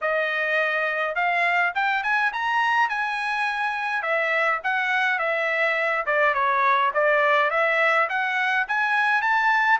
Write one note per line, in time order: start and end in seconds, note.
0.01 1.15 D#5
1.15 1.73 F5
1.75 2.03 G5
2.03 2.32 G#5
2.32 2.89 A#5
2.89 4.02 G#5
4.02 4.60 E5
4.63 5.18 F#5
5.18 6.05 E5
6.06 6.34 D5
6.34 6.91 C#5
6.94 7.50 D5
7.50 8.08 E5
8.09 8.66 F#5
8.67 9.21 G#5
9.21 9.79 A5